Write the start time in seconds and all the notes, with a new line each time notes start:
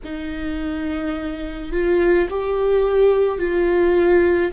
0.04 D#4
1.71 F4
2.29 G4
3.38 F4